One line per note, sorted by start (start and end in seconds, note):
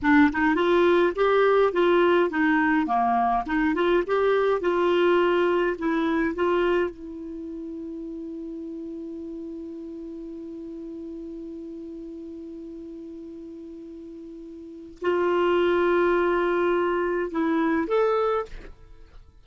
0.02 0.30 D4
0.31 0.55 D#4
0.55 1.12 F4
1.15 1.73 G4
1.73 2.29 F4
2.29 2.86 D#4
2.86 3.44 A#3
3.46 3.74 D#4
3.74 4.03 F4
4.06 4.60 G4
4.60 5.76 F4
5.78 6.34 E4
6.34 6.90 F4
6.90 14.98 E4
15.01 17.31 F4
17.31 17.87 E4
17.87 18.45 A4